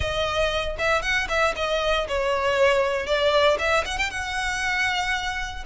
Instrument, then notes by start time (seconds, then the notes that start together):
violin
0.00 D#5
0.78 E5
1.02 F#5
1.28 E5
1.56 D#5
2.08 C#5
3.06 D5
3.58 E5
3.85 F#5
3.98 G5
4.10 F#5